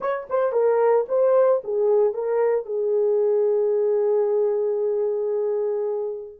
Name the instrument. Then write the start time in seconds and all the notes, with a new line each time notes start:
horn
0.00 C#5
0.29 C5
0.52 A#4
1.08 C5
1.64 G#4
2.13 A#4
2.65 G#4